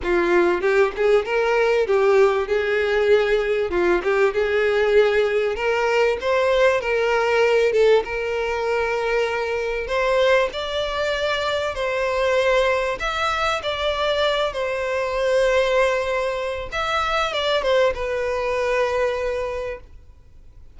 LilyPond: \new Staff \with { instrumentName = "violin" } { \time 4/4 \tempo 4 = 97 f'4 g'8 gis'8 ais'4 g'4 | gis'2 f'8 g'8 gis'4~ | gis'4 ais'4 c''4 ais'4~ | ais'8 a'8 ais'2. |
c''4 d''2 c''4~ | c''4 e''4 d''4. c''8~ | c''2. e''4 | d''8 c''8 b'2. | }